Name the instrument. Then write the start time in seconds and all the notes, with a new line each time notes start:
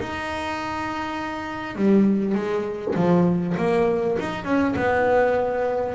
double bass
0.00 D#4
1.75 G3
2.35 G#3
2.95 F3
3.57 A#3
4.19 D#4
4.44 C#4
4.76 B3